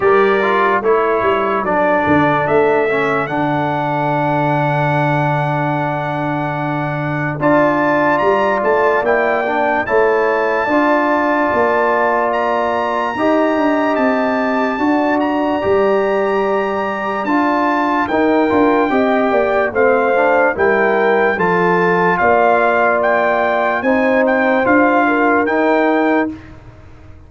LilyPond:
<<
  \new Staff \with { instrumentName = "trumpet" } { \time 4/4 \tempo 4 = 73 d''4 cis''4 d''4 e''4 | fis''1~ | fis''4 a''4 ais''8 a''8 g''4 | a''2. ais''4~ |
ais''4 a''4. ais''4.~ | ais''4 a''4 g''2 | f''4 g''4 a''4 f''4 | g''4 gis''8 g''8 f''4 g''4 | }
  \new Staff \with { instrumentName = "horn" } { \time 4/4 ais'4 a'2.~ | a'1~ | a'4 d''2. | cis''4 d''2. |
dis''2 d''2~ | d''2 ais'4 dis''8 d''8 | c''4 ais'4 a'4 d''4~ | d''4 c''4. ais'4. | }
  \new Staff \with { instrumentName = "trombone" } { \time 4/4 g'8 f'8 e'4 d'4. cis'8 | d'1~ | d'4 f'2 e'8 d'8 | e'4 f'2. |
g'2 fis'4 g'4~ | g'4 f'4 dis'8 f'8 g'4 | c'8 d'8 e'4 f'2~ | f'4 dis'4 f'4 dis'4 | }
  \new Staff \with { instrumentName = "tuba" } { \time 4/4 g4 a8 g8 fis8 d8 a4 | d1~ | d4 d'4 g8 a8 ais4 | a4 d'4 ais2 |
dis'8 d'8 c'4 d'4 g4~ | g4 d'4 dis'8 d'8 c'8 ais8 | a4 g4 f4 ais4~ | ais4 c'4 d'4 dis'4 | }
>>